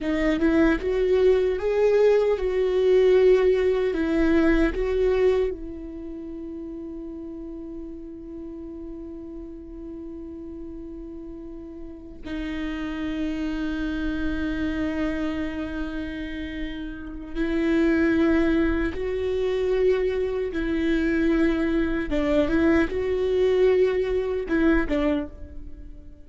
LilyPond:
\new Staff \with { instrumentName = "viola" } { \time 4/4 \tempo 4 = 76 dis'8 e'8 fis'4 gis'4 fis'4~ | fis'4 e'4 fis'4 e'4~ | e'1~ | e'2.~ e'8 dis'8~ |
dis'1~ | dis'2 e'2 | fis'2 e'2 | d'8 e'8 fis'2 e'8 d'8 | }